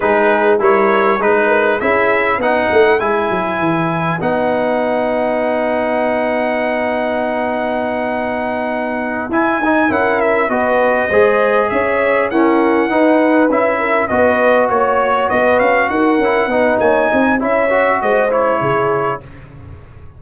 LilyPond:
<<
  \new Staff \with { instrumentName = "trumpet" } { \time 4/4 \tempo 4 = 100 b'4 cis''4 b'4 e''4 | fis''4 gis''2 fis''4~ | fis''1~ | fis''2.~ fis''8 gis''8~ |
gis''8 fis''8 e''8 dis''2 e''8~ | e''8 fis''2 e''4 dis''8~ | dis''8 cis''4 dis''8 f''8 fis''4. | gis''4 e''4 dis''8 cis''4. | }
  \new Staff \with { instrumentName = "horn" } { \time 4/4 gis'4 ais'4 b'8 ais'8 gis'4 | b'1~ | b'1~ | b'1~ |
b'8 ais'4 b'4 c''4 cis''8~ | cis''8 ais'4 b'4. ais'8 b'8~ | b'8 cis''4 b'4 ais'4 b'8 | cis''8 dis''8 cis''4 c''4 gis'4 | }
  \new Staff \with { instrumentName = "trombone" } { \time 4/4 dis'4 e'4 dis'4 e'4 | dis'4 e'2 dis'4~ | dis'1~ | dis'2.~ dis'8 e'8 |
dis'8 e'4 fis'4 gis'4.~ | gis'8 cis'4 dis'4 e'4 fis'8~ | fis'2. e'8 dis'8~ | dis'4 e'8 fis'4 e'4. | }
  \new Staff \with { instrumentName = "tuba" } { \time 4/4 gis4 g4 gis4 cis'4 | b8 a8 gis8 fis8 e4 b4~ | b1~ | b2.~ b8 e'8 |
dis'8 cis'4 b4 gis4 cis'8~ | cis'8 e'4 dis'4 cis'4 b8~ | b8 ais4 b8 cis'8 dis'8 cis'8 b8 | ais8 c'8 cis'4 gis4 cis4 | }
>>